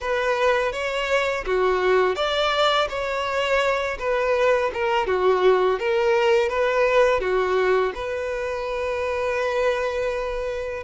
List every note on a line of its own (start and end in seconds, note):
0.00 0.72 B4
0.72 1.44 C#5
1.46 2.15 F#4
2.15 2.88 D5
2.89 3.97 C#5
3.99 4.71 B4
4.73 5.06 A#4
5.06 5.79 F#4
5.79 6.49 A#4
6.49 7.20 B4
7.20 7.93 F#4
7.95 10.83 B4